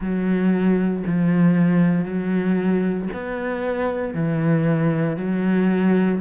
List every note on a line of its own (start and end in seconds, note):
0.00 1.03 F#3
1.06 2.05 F3
2.05 3.08 F#3
3.13 4.14 B3
4.14 5.17 E3
5.17 6.20 F#3